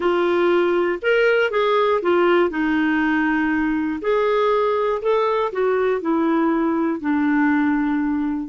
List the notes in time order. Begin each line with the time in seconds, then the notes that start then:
0.00 F4
1.02 A#4
1.50 G#4
2.02 F4
2.50 D#4
4.01 G#4
5.02 A4
5.52 F#4
6.01 E4
7.00 D4